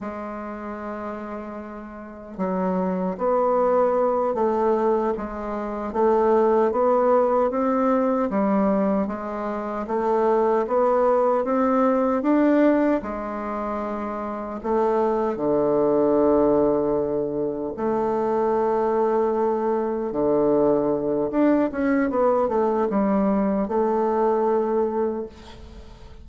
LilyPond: \new Staff \with { instrumentName = "bassoon" } { \time 4/4 \tempo 4 = 76 gis2. fis4 | b4. a4 gis4 a8~ | a8 b4 c'4 g4 gis8~ | gis8 a4 b4 c'4 d'8~ |
d'8 gis2 a4 d8~ | d2~ d8 a4.~ | a4. d4. d'8 cis'8 | b8 a8 g4 a2 | }